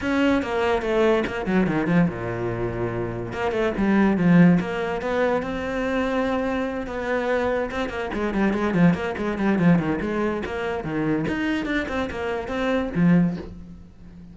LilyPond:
\new Staff \with { instrumentName = "cello" } { \time 4/4 \tempo 4 = 144 cis'4 ais4 a4 ais8 fis8 | dis8 f8 ais,2. | ais8 a8 g4 f4 ais4 | b4 c'2.~ |
c'8 b2 c'8 ais8 gis8 | g8 gis8 f8 ais8 gis8 g8 f8 dis8 | gis4 ais4 dis4 dis'4 | d'8 c'8 ais4 c'4 f4 | }